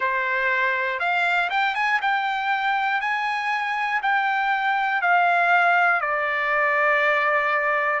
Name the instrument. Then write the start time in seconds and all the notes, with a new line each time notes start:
trumpet
0.00 C5
1.00 F5
1.50 G5
1.75 G#5
2.01 G5
3.00 G#5
4.02 G5
5.01 F5
6.00 D5